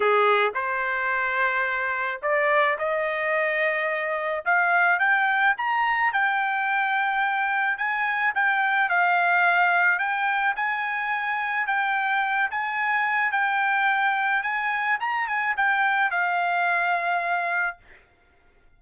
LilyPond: \new Staff \with { instrumentName = "trumpet" } { \time 4/4 \tempo 4 = 108 gis'4 c''2. | d''4 dis''2. | f''4 g''4 ais''4 g''4~ | g''2 gis''4 g''4 |
f''2 g''4 gis''4~ | gis''4 g''4. gis''4. | g''2 gis''4 ais''8 gis''8 | g''4 f''2. | }